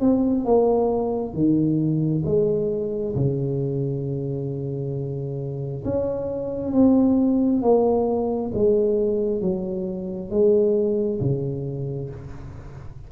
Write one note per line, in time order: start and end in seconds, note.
0.00 0.44 C4
0.44 1.34 A#3
1.34 2.23 D#3
2.25 3.15 G#3
3.15 5.84 C#3
5.84 6.72 C#4
6.72 7.62 C4
7.62 8.51 A#3
8.54 9.41 G#3
9.41 10.30 F#3
10.30 11.20 G#3
11.20 12.10 C#3